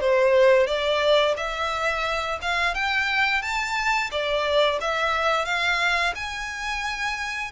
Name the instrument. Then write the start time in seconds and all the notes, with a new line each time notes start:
violin
0.00 C5
0.66 D5
1.36 E5
2.41 F5
2.74 G5
3.42 A5
4.11 D5
4.81 E5
5.45 F5
6.15 G#5